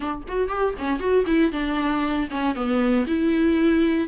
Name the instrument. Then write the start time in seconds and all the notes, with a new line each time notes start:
viola
0.00 D4
0.28 F#4
0.48 G4
0.78 C#4
0.99 F#4
1.26 E4
1.52 D4
2.30 C#4
2.55 B3
3.06 E4